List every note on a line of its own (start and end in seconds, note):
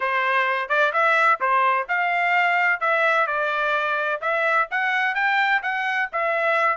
0.00 0.69 C5
0.69 0.92 D5
0.92 1.39 E5
1.40 1.87 C5
1.88 2.80 F5
2.80 3.26 E5
3.26 4.20 D5
4.21 4.67 E5
4.70 5.14 F#5
5.14 5.61 G5
5.62 6.09 F#5
6.12 6.77 E5